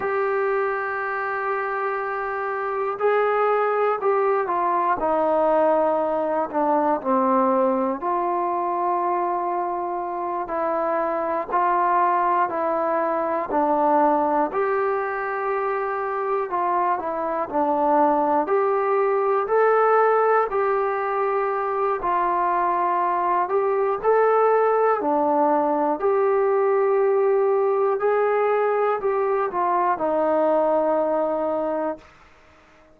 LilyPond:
\new Staff \with { instrumentName = "trombone" } { \time 4/4 \tempo 4 = 60 g'2. gis'4 | g'8 f'8 dis'4. d'8 c'4 | f'2~ f'8 e'4 f'8~ | f'8 e'4 d'4 g'4.~ |
g'8 f'8 e'8 d'4 g'4 a'8~ | a'8 g'4. f'4. g'8 | a'4 d'4 g'2 | gis'4 g'8 f'8 dis'2 | }